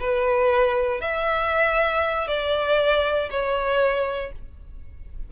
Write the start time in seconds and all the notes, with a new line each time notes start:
0.00 B4
1.01 E5
2.28 D5
3.31 C#5